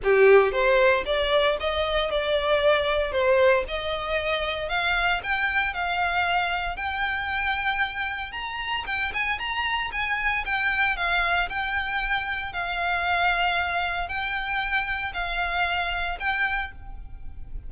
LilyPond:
\new Staff \with { instrumentName = "violin" } { \time 4/4 \tempo 4 = 115 g'4 c''4 d''4 dis''4 | d''2 c''4 dis''4~ | dis''4 f''4 g''4 f''4~ | f''4 g''2. |
ais''4 g''8 gis''8 ais''4 gis''4 | g''4 f''4 g''2 | f''2. g''4~ | g''4 f''2 g''4 | }